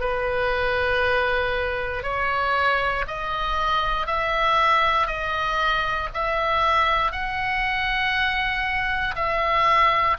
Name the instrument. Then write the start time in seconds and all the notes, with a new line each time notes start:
oboe
0.00 B4
2.03 C#5
3.07 D#5
4.06 E5
5.07 D#5
6.13 E5
7.11 F#5
9.15 E5